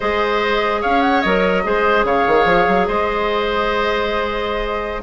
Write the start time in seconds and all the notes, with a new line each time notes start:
0.00 G#3 G#4 C5 D#5
0.81 C#4 C#5 F5
1.01 F#5
1.21 F#3 A#4 D#5
1.63 G#3 G#4 C5
2.04 C#3 C#5 F5
2.27 D#3
2.45 F3
2.67 F#3
2.86 G#3 C5 D#5